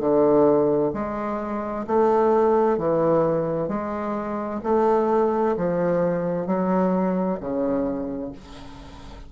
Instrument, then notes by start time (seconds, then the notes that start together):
bassoon
0.00 D3
0.94 G#3
1.88 A3
2.78 E3
3.69 G#3
4.64 A3
5.57 F3
6.47 F#3
7.41 C#3